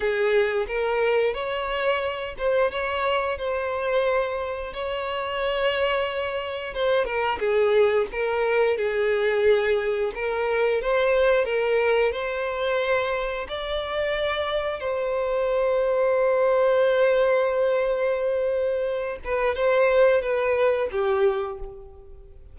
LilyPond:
\new Staff \with { instrumentName = "violin" } { \time 4/4 \tempo 4 = 89 gis'4 ais'4 cis''4. c''8 | cis''4 c''2 cis''4~ | cis''2 c''8 ais'8 gis'4 | ais'4 gis'2 ais'4 |
c''4 ais'4 c''2 | d''2 c''2~ | c''1~ | c''8 b'8 c''4 b'4 g'4 | }